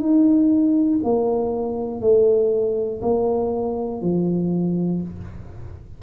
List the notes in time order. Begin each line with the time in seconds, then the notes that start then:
0.00 D#4
1.04 A#3
2.01 A3
3.02 A#3
4.02 F3